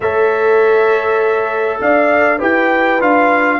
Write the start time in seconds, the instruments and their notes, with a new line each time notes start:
0.00 tuba A3, trombone A4, horn C#5, trumpet E5
1.80 tuba D4, horn D5, trumpet F5
2.38 tuba E4, trombone G4, horn B4, trumpet G5
2.99 tuba D4, trombone F4, trumpet F5